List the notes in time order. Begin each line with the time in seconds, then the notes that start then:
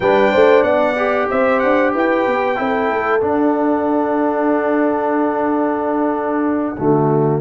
0.00 G3 D4 B4 G5
0.31 A3 C5
0.62 B3 D5 F#5
0.96 G4
1.29 C4 C5 E5
1.59 D4 F#5
1.93 E4 B4 G5
2.26 B3
2.56 C4 E4 A4
2.90 A3
3.21 D4 F#5
6.77 D3 A3 F#4